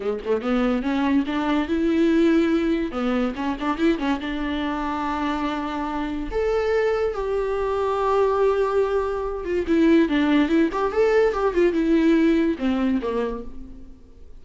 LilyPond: \new Staff \with { instrumentName = "viola" } { \time 4/4 \tempo 4 = 143 gis8 a8 b4 cis'4 d'4 | e'2. b4 | cis'8 d'8 e'8 cis'8 d'2~ | d'2. a'4~ |
a'4 g'2.~ | g'2~ g'8 f'8 e'4 | d'4 e'8 g'8 a'4 g'8 f'8 | e'2 c'4 ais4 | }